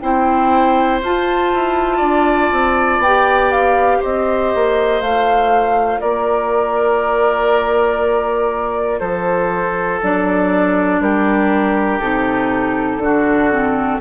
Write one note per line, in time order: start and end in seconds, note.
0.00 1.01 C4
0.00 1.01 E4
0.00 1.97 C5
0.00 1.00 G5
1.01 1.51 F4
1.01 3.05 F4
1.01 3.02 A5
1.54 2.00 E4
1.97 2.50 D4
1.97 3.97 D5
2.51 2.98 C4
2.98 3.98 B3
2.98 3.51 G5
3.06 5.03 G4
3.51 4.01 F5
4.00 4.54 C4
4.00 6.00 C5
4.00 5.01 D#5
4.54 5.01 A#3
5.01 6.01 A3
5.01 10.02 F4
5.01 6.00 F5
6.00 9.00 A#3
6.00 9.00 A#4
6.00 8.99 D5
8.99 10.00 F3
8.99 11.00 A4
8.99 9.99 C5
10.02 11.00 F#3
10.02 12.01 D4
10.02 11.01 D5
11.00 12.00 G3
11.00 13.03 G4
11.00 12.00 A#4
12.00 12.97 C3
12.00 13.01 D#4
12.00 14.00 A4
12.97 13.97 D3
12.97 13.51 D4
12.97 14.00 F#4
13.51 14.00 C4